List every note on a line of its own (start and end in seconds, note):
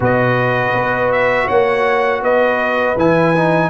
0.00 0.72 B2
0.00 2.96 F#4
0.00 1.46 B4
0.00 1.12 D#5
0.74 1.48 B3
1.12 1.48 E5
1.46 2.21 A#3
1.46 2.20 C#5
1.46 2.22 F#5
2.21 2.95 B3
2.21 3.70 B4
2.21 2.97 D#5
2.96 3.70 E3
2.96 3.35 E4
2.96 3.70 G#5
3.35 3.70 D#4